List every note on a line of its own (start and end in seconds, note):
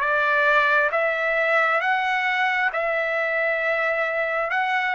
0.00 0.90 D5
0.92 1.81 E5
1.81 2.70 F#5
2.73 4.50 E5
4.50 4.95 F#5